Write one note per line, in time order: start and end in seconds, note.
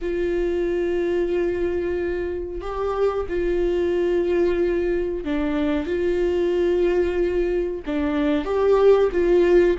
0.01 2.61 F4
2.61 3.26 G4
3.28 5.24 F4
5.24 5.86 D4
5.86 7.82 F4
7.86 8.45 D4
8.45 9.10 G4
9.12 9.76 F4